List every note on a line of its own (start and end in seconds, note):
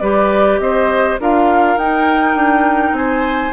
0.00 0.59 G3
0.00 1.20 G4
0.00 0.60 B4
0.00 0.59 D5
0.59 1.18 C4
0.59 1.20 C5
0.59 1.18 D#5
1.20 1.77 D4
1.20 1.79 F4
1.20 2.97 A#4
1.20 1.78 F5
1.77 2.35 D#4
1.77 3.53 D#4
1.77 2.95 G5
2.35 2.92 D4
2.92 3.50 C4
2.92 3.53 C5
2.92 3.53 G#5